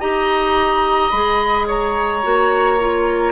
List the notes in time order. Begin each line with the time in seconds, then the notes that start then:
0.00 D#4 G4 D#5 A#5
1.10 G#3 G#4 B5
1.67 C#5 A#5
2.23 A#3 F#4
2.80 F4